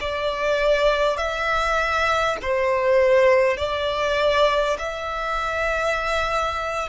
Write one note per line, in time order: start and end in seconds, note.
0.00 1.17 D5
1.17 2.37 E5
2.42 3.57 C5
3.57 4.77 D5
4.79 6.89 E5